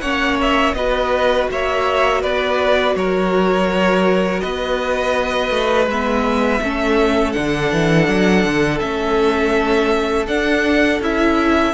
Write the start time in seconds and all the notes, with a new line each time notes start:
0.00 A#3 C#4 C#5 F#5
0.41 E5
0.74 B3 F#4 B4 D#5
1.51 A#3 C#5 E5
2.21 B3 B4 D5
2.95 F#3 A#4 C#5
4.40 B3 B4 D#5
5.50 A3
5.86 G#3 B3 E5
6.61 A3 C#4 A4
7.32 D3 D4 F#5
7.72 E3
8.08 F#3
8.45 D3
8.79 A3 C#4 E5
10.27 D4 F#5
11.00 C#4 E4 E5